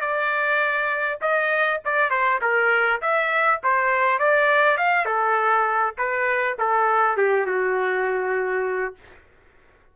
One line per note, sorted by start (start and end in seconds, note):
0.00 1.19 D5
1.21 1.80 D#5
1.85 2.10 D5
2.10 2.40 C5
2.41 3.01 A#4
3.01 3.60 E5
3.63 4.19 C5
4.19 4.77 D5
4.77 5.05 F5
5.05 5.94 A4
5.97 6.57 B4
6.58 7.17 A4
7.17 7.46 G4
7.46 8.95 F#4